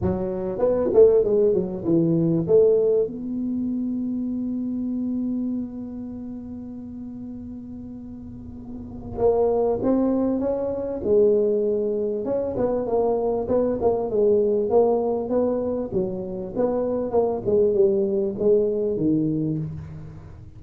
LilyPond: \new Staff \with { instrumentName = "tuba" } { \time 4/4 \tempo 4 = 98 fis4 b8 a8 gis8 fis8 e4 | a4 b2.~ | b1~ | b2. ais4 |
c'4 cis'4 gis2 | cis'8 b8 ais4 b8 ais8 gis4 | ais4 b4 fis4 b4 | ais8 gis8 g4 gis4 dis4 | }